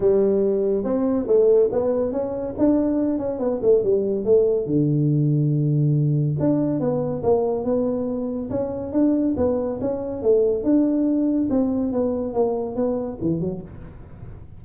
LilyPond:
\new Staff \with { instrumentName = "tuba" } { \time 4/4 \tempo 4 = 141 g2 c'4 a4 | b4 cis'4 d'4. cis'8 | b8 a8 g4 a4 d4~ | d2. d'4 |
b4 ais4 b2 | cis'4 d'4 b4 cis'4 | a4 d'2 c'4 | b4 ais4 b4 e8 fis8 | }